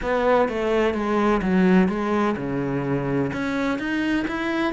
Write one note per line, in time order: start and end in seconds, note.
0.02 0.48 B3
0.48 0.93 A3
0.93 1.41 G#3
1.42 1.88 F#3
1.88 2.35 G#3
2.36 3.31 C#3
3.33 3.78 C#4
3.78 4.25 D#4
4.27 4.73 E4